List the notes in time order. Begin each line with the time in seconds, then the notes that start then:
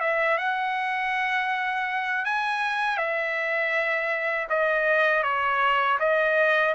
0.00 E5
0.38 F#5
2.25 G#5
2.97 E5
4.49 D#5
5.23 C#5
5.99 D#5